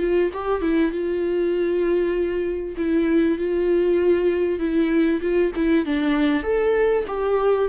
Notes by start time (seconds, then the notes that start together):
0.00 F4
0.34 G4
0.62 E4
0.92 F4
2.77 E4
3.39 F4
4.60 E4
5.22 F4
5.56 E4
5.86 D4
6.43 A4
7.08 G4